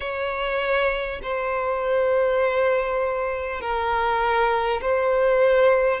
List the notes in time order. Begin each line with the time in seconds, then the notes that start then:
0.00 C#5
1.22 C5
3.61 A#4
4.81 C5